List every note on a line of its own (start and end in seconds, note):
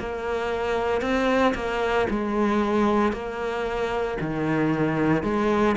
0.00 1.02 A#3
1.02 1.55 C4
1.55 2.08 A#3
2.10 3.13 G#3
3.13 4.18 A#3
4.21 5.23 D#3
5.23 5.76 G#3